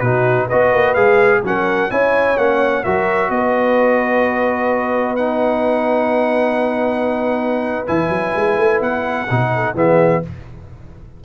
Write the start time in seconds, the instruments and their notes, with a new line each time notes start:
0.00 tuba B2, trombone D#4, horn F#4, trumpet B4
0.46 trombone F#4, horn B4, trumpet D#5
0.53 tuba B3
0.73 tuba A#3
0.94 tuba G#3, trombone G#4, trumpet F5
1.43 tuba F#3, trombone C#4, horn A#4, trumpet F#5
1.90 tuba C#4, trombone E4, horn C#5, trumpet G#5
2.37 tuba A#3, trombone C#4, trumpet F#5
2.83 tuba F#3, trombone F#4, horn A#4, trumpet E5
3.30 tuba B3, horn B4, trumpet D#5
5.16 trombone D#4, trumpet F#5
7.87 tuba E3, trombone E4, trumpet G#5
8.09 tuba F#3
8.36 tuba G#3
8.57 tuba A3
8.81 tuba B3, trumpet F#5
9.30 tuba B2, trombone D#4
9.54 horn A4
9.74 tuba E3, trombone B3, horn G#4, trumpet E5